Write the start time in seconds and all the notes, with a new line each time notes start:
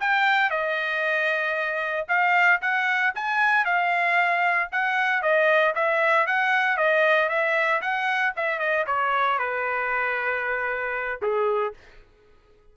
0.00 G5
0.50 D#5
2.08 F5
2.61 F#5
3.14 G#5
3.65 F5
4.71 F#5
5.22 D#5
5.75 E5
6.27 F#5
6.77 D#5
7.29 E5
7.81 F#5
8.36 E5
8.59 D#5
8.86 C#5
9.38 B4
11.22 G#4